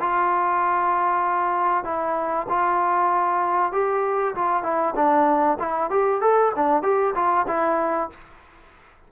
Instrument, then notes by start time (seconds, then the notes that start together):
trombone
0.00 F4
1.84 E4
2.49 F4
3.72 G4
4.35 F4
4.63 E4
4.95 D4
5.60 E4
5.91 G4
6.21 A4
6.56 D4
6.83 G4
7.15 F4
7.48 E4